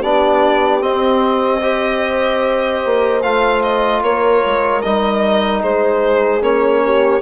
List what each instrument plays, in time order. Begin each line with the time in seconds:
0.00 bassoon B3, trombone D4, horn G4, violin D5
0.80 trombone C4, bassoon C4, violin D#5
1.61 trombone G4, horn C5
2.85 bassoon A#3
3.22 bassoon A3, trombone F4, violin F5
3.62 violin D#5
4.02 bassoon A#3, horn A#4, violin C#5
4.45 bassoon G#3
4.82 bassoon G3, trombone D#4, violin D#5
5.61 bassoon G#3, horn G#4, violin C5
6.41 bassoon A#3, trombone C#4, violin C#5
6.84 horn G4